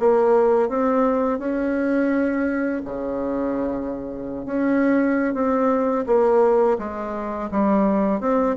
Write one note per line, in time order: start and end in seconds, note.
0.00 0.69 A#3
0.69 1.39 C4
1.39 2.82 C#4
2.85 4.46 C#3
4.46 5.34 C#4
5.34 6.06 C4
6.06 6.78 A#3
6.79 7.50 G#3
7.52 8.20 G3
8.20 8.56 C4